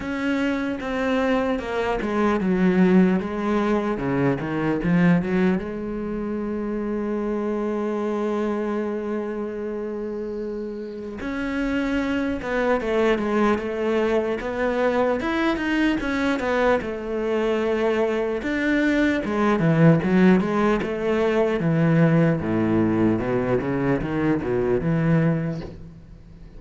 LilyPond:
\new Staff \with { instrumentName = "cello" } { \time 4/4 \tempo 4 = 75 cis'4 c'4 ais8 gis8 fis4 | gis4 cis8 dis8 f8 fis8 gis4~ | gis1~ | gis2 cis'4. b8 |
a8 gis8 a4 b4 e'8 dis'8 | cis'8 b8 a2 d'4 | gis8 e8 fis8 gis8 a4 e4 | a,4 b,8 cis8 dis8 b,8 e4 | }